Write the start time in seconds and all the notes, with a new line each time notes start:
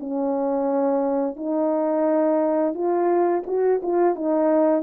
0.00 C#4
1.36 D#4
2.74 F4
3.47 F#4
3.83 F4
4.16 D#4